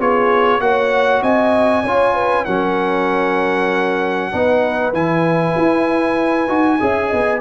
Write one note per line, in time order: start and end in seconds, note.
0.00 0.60 B3
0.00 0.61 F4
0.00 0.62 G#4
0.00 0.61 C#5
0.60 1.22 A#3
0.60 1.85 F#4
0.60 1.23 C#5
0.60 1.23 F#5
1.22 1.84 C4
1.22 1.84 D#5
1.22 2.45 G#5
1.84 2.46 C#4
1.84 2.47 F4
1.84 2.15 C#5
2.15 2.45 B4
2.45 4.33 F#3
2.45 4.32 C#4
2.45 4.33 A#4
2.45 4.93 F#5
4.32 4.93 B3
4.32 4.94 D#4
4.32 6.80 B4
4.93 5.55 E3
4.93 6.48 E4
4.93 7.41 G#5
5.57 6.48 E4
6.48 6.79 D#4
6.48 6.79 F#4
6.80 7.13 C#4
6.80 7.41 G#4
6.80 7.09 E5
7.09 7.41 B3
7.09 7.40 D#5